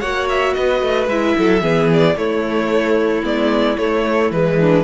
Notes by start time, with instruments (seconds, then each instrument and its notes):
0.00 cello A#3, viola F#4, violin C#5 F#5
0.29 violin E5
0.54 cello B3, violin B4 D#5
0.82 cello A3
1.07 cello G#3, viola E4, violin E5
1.38 cello F#3, violin A4
1.61 cello E3, viola B3, violin G#4
1.93 violin D5
2.16 cello A3, viola A3, violin E4 C#5
3.23 cello G#3, viola B3, violin D5
3.78 viola A3, cello A3, violin C#5
4.31 cello E3, viola G#3, violin B4
4.59 violin D4